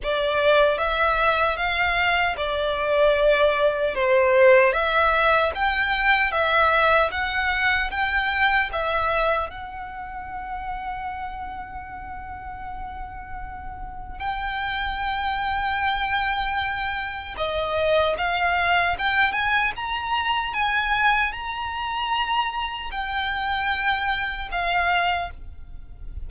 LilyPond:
\new Staff \with { instrumentName = "violin" } { \time 4/4 \tempo 4 = 76 d''4 e''4 f''4 d''4~ | d''4 c''4 e''4 g''4 | e''4 fis''4 g''4 e''4 | fis''1~ |
fis''2 g''2~ | g''2 dis''4 f''4 | g''8 gis''8 ais''4 gis''4 ais''4~ | ais''4 g''2 f''4 | }